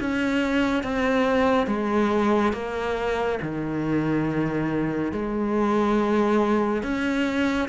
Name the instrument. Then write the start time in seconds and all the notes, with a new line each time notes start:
cello
0.00 C#4
0.83 C4
1.67 G#3
2.53 A#3
3.42 D#3
5.12 G#3
6.83 C#4